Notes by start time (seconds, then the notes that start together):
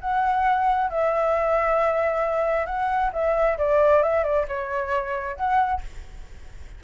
0.00 F#5
0.90 E5
2.65 F#5
3.12 E5
3.58 D5
4.02 E5
4.23 D5
4.48 C#5
5.36 F#5